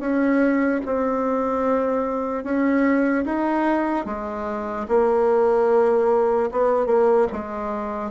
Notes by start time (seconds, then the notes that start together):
0.00 C#4
0.86 C4
2.44 C#4
3.26 D#4
4.06 G#3
4.89 A#3
6.52 B3
6.87 A#3
7.33 G#3